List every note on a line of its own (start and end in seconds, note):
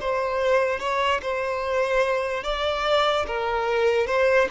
0.00 0.80 C5
0.80 1.21 C#5
1.22 2.44 C5
2.44 3.26 D5
3.27 4.07 A#4
4.07 4.48 C5